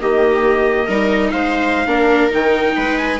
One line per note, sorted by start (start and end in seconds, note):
0.00 0.88 D#3
0.00 0.89 A#3
0.00 0.86 G4
0.00 1.30 D#5
0.86 1.32 G3
0.86 1.87 D#4
0.86 1.30 A#4
1.30 1.86 G#3
1.30 1.88 C5
1.30 2.30 F5
1.86 2.30 A#3
1.86 2.30 D4
1.86 2.76 A#4
2.30 2.76 D#3
2.30 3.18 D#4
2.30 2.97 G5
2.76 3.19 G#3
2.76 3.19 B4
2.97 3.19 G#5